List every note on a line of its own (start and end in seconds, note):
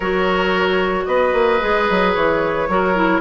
0.00 1.04 F#3
0.00 1.60 F#4
0.00 1.04 A#4
0.00 1.05 C#5
1.05 1.33 B3
1.05 2.68 B4
1.05 2.12 D#5
1.33 1.60 A#3
1.60 1.89 G#3
1.60 2.68 G#4
1.90 2.16 F#3
2.14 2.68 E3
2.14 3.21 C#5
2.68 3.21 F#3
2.68 2.95 F#4
2.68 3.21 A#4
2.95 3.21 E4